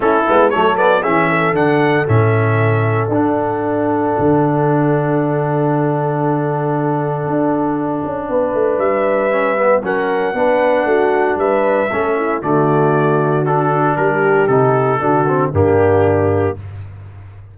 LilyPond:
<<
  \new Staff \with { instrumentName = "trumpet" } { \time 4/4 \tempo 4 = 116 a'4 cis''8 d''8 e''4 fis''4 | e''2 fis''2~ | fis''1~ | fis''1~ |
fis''4 e''2 fis''4~ | fis''2 e''2 | d''2 a'4 ais'4 | a'2 g'2 | }
  \new Staff \with { instrumentName = "horn" } { \time 4/4 e'4 a'4 gis'8 a'4.~ | a'1~ | a'1~ | a'1 |
b'2. ais'4 | b'4 fis'4 b'4 a'8 e'8 | fis'2. g'4~ | g'4 fis'4 d'2 | }
  \new Staff \with { instrumentName = "trombone" } { \time 4/4 cis'8 b8 a8 b8 cis'4 d'4 | cis'2 d'2~ | d'1~ | d'1~ |
d'2 cis'8 b8 cis'4 | d'2. cis'4 | a2 d'2 | dis'4 d'8 c'8 ais2 | }
  \new Staff \with { instrumentName = "tuba" } { \time 4/4 a8 gis8 fis4 e4 d4 | a,2 d'2 | d1~ | d2 d'4. cis'8 |
b8 a8 g2 fis4 | b4 a4 g4 a4 | d2. g4 | c4 d4 g,2 | }
>>